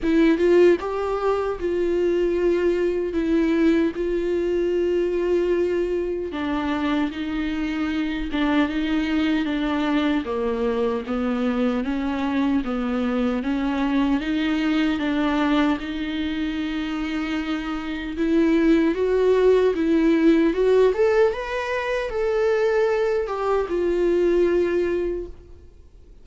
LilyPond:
\new Staff \with { instrumentName = "viola" } { \time 4/4 \tempo 4 = 76 e'8 f'8 g'4 f'2 | e'4 f'2. | d'4 dis'4. d'8 dis'4 | d'4 ais4 b4 cis'4 |
b4 cis'4 dis'4 d'4 | dis'2. e'4 | fis'4 e'4 fis'8 a'8 b'4 | a'4. g'8 f'2 | }